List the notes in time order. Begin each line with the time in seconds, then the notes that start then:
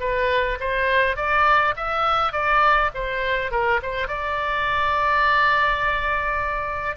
0.00 B4
0.60 C5
1.16 D5
1.76 E5
2.32 D5
2.94 C5
3.51 A#4
3.82 C5
4.08 D5